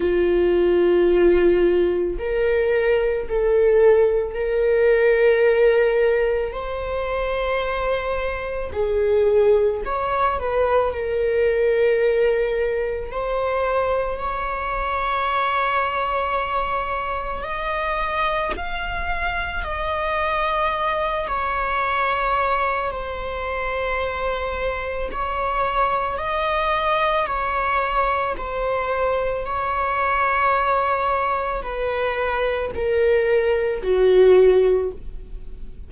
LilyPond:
\new Staff \with { instrumentName = "viola" } { \time 4/4 \tempo 4 = 55 f'2 ais'4 a'4 | ais'2 c''2 | gis'4 cis''8 b'8 ais'2 | c''4 cis''2. |
dis''4 f''4 dis''4. cis''8~ | cis''4 c''2 cis''4 | dis''4 cis''4 c''4 cis''4~ | cis''4 b'4 ais'4 fis'4 | }